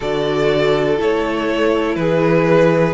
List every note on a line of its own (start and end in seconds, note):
0.00 0.99 D3
0.00 0.97 F#4
0.00 1.95 A4
0.00 0.99 D5
0.97 1.95 A3
0.97 2.94 E4
0.97 1.95 C#5
1.95 2.94 E3
1.95 2.94 G#4
1.95 2.94 B4